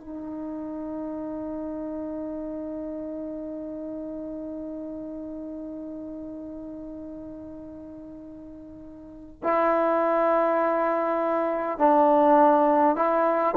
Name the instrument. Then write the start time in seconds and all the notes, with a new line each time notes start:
trombone
0.00 D#4
9.43 E4
11.78 D4
12.96 E4